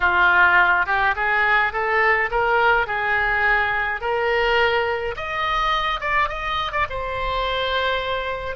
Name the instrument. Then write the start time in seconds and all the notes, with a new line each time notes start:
oboe
0.00 F4
0.86 G4
1.15 G#4
1.72 A4
2.30 A#4
2.86 G#4
4.01 A#4
5.16 D#5
6.00 D5
6.29 D#5
6.72 D5
6.89 C5